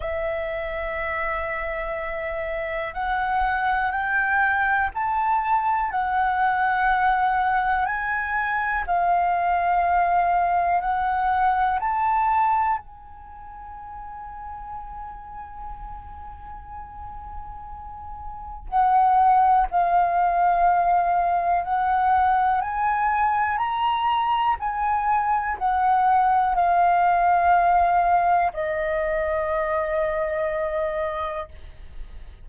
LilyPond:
\new Staff \with { instrumentName = "flute" } { \time 4/4 \tempo 4 = 61 e''2. fis''4 | g''4 a''4 fis''2 | gis''4 f''2 fis''4 | a''4 gis''2.~ |
gis''2. fis''4 | f''2 fis''4 gis''4 | ais''4 gis''4 fis''4 f''4~ | f''4 dis''2. | }